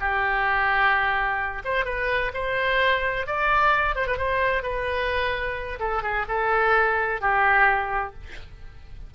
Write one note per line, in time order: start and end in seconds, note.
0.00 1.63 G4
1.65 1.86 C5
1.86 2.32 B4
2.34 3.27 C5
3.27 3.96 D5
3.96 4.07 C5
4.08 4.18 B4
4.18 4.63 C5
4.63 5.79 B4
5.80 6.03 A4
6.03 6.26 G#4
6.29 7.21 A4
7.21 8.14 G4